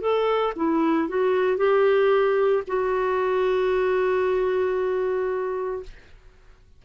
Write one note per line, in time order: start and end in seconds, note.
0.00 0.53 A4
0.56 1.08 E4
1.08 1.57 F#4
1.57 2.62 G4
2.67 5.82 F#4